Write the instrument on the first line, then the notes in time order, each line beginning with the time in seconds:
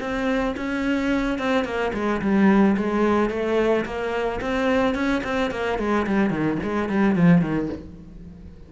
cello
0.00 C4
0.56 C#4
1.39 C4
1.64 A#3
1.93 G#3
2.21 G3
2.77 G#3
3.30 A3
3.85 A#3
4.41 C4
4.94 C#4
5.23 C4
5.51 A#3
5.78 G#3
6.06 G3
6.30 D#3
6.63 G#3
6.89 G3
7.15 F3
7.41 D#3